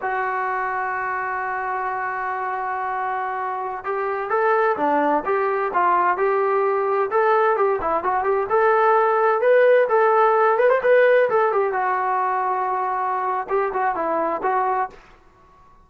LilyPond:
\new Staff \with { instrumentName = "trombone" } { \time 4/4 \tempo 4 = 129 fis'1~ | fis'1~ | fis'16 g'4 a'4 d'4 g'8.~ | g'16 f'4 g'2 a'8.~ |
a'16 g'8 e'8 fis'8 g'8 a'4.~ a'16~ | a'16 b'4 a'4. b'16 c''16 b'8.~ | b'16 a'8 g'8 fis'2~ fis'8.~ | fis'4 g'8 fis'8 e'4 fis'4 | }